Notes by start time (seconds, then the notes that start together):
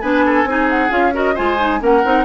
0.00 B3 D4 B4 G#5
0.25 A4
0.44 C4 D#4 G#4
0.69 F#5
0.89 C#4 F4 F5
1.12 F#4 A#4 D#5
1.34 G#3 F4 C5 G#5
1.58 D#4
1.79 A#3 C#4 A#4 F#5
2.04 C4 D#4